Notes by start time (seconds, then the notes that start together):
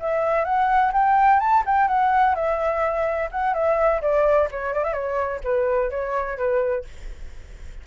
0.00 E5
0.44 F#5
0.93 G5
1.40 A5
1.66 G5
1.88 F#5
2.35 E5
3.32 F#5
3.54 E5
4.01 D5
4.51 C#5
4.74 D5
4.84 E5
4.93 C#5
5.44 B4
5.90 C#5
6.37 B4